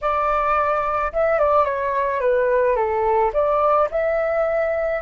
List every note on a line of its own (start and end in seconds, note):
0.01 1.12 D5
1.12 1.38 E5
1.38 1.65 D5
1.65 2.20 C#5
2.20 2.76 B4
2.76 3.31 A4
3.33 3.89 D5
3.90 5.02 E5